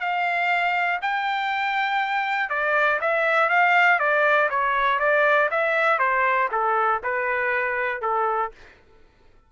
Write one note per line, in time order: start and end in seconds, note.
0.00 1.00 F5
1.02 2.50 G5
2.50 3.00 D5
3.01 3.49 E5
3.49 3.99 F5
3.99 4.49 D5
4.50 4.99 C#5
4.99 5.49 D5
5.51 5.99 E5
5.99 6.49 C5
6.52 7.02 A4
7.03 8.02 B4
8.02 8.52 A4